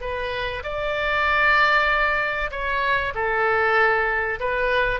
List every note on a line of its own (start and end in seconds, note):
0.00 0.62 B4
0.63 2.50 D5
2.51 3.13 C#5
3.14 4.39 A4
4.39 5.00 B4